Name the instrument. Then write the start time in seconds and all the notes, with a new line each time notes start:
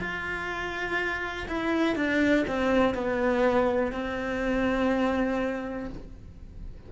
cello
0.00 F4
1.48 E4
1.96 D4
2.48 C4
2.95 B3
3.93 C4